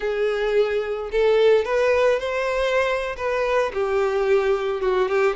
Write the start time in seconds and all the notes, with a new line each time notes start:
0.00 G#4
1.11 A4
1.64 B4
2.19 C5
3.17 B4
3.73 G4
4.81 F#4
5.08 G4